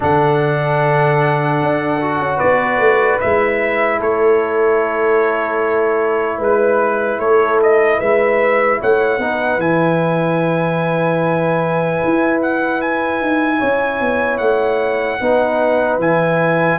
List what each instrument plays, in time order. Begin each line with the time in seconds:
0.00 tuba D3, trombone D4, horn A4, trumpet F#5
1.61 tuba D4
2.00 trombone F#4
2.19 tuba C#4
2.37 tuba B3, horn B4, trumpet D5
2.78 tuba A3
3.20 tuba G#3, trombone E4, trumpet E5
3.99 tuba A3, horn A4, trumpet C#5
6.38 tuba G#3, horn B4, trumpet B4
7.18 tuba A3, horn A4, trumpet C#5
7.62 trumpet D#5
7.98 tuba G#3, horn B4, trumpet E5
8.80 tuba A3, horn C#5, trumpet F#5
9.18 tuba B3, trombone D#4, horn B4
9.57 tuba E3, trombone E4, trumpet G#5
12.04 tuba E4
12.41 trumpet F#5
12.81 trumpet G#5
13.21 tuba D#4
13.58 tuba C#4, horn C#5
14.00 tuba B3
14.37 tuba A3, trumpet F#5
15.20 tuba B3, trombone D#4, horn B4
15.98 tuba E3, trombone E4, trumpet G#5